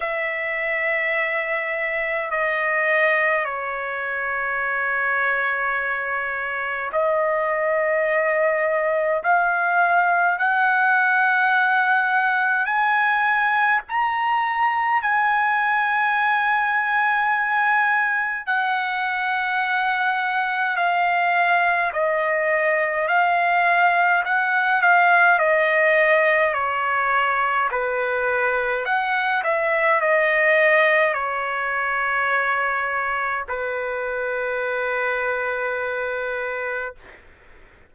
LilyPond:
\new Staff \with { instrumentName = "trumpet" } { \time 4/4 \tempo 4 = 52 e''2 dis''4 cis''4~ | cis''2 dis''2 | f''4 fis''2 gis''4 | ais''4 gis''2. |
fis''2 f''4 dis''4 | f''4 fis''8 f''8 dis''4 cis''4 | b'4 fis''8 e''8 dis''4 cis''4~ | cis''4 b'2. | }